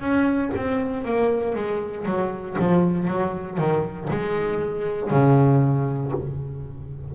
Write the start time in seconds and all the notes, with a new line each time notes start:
0.00 C#4
0.56 C4
1.05 A#3
1.55 G#3
2.06 F#3
2.59 F3
3.08 F#3
3.58 D#3
4.10 G#3
5.11 C#3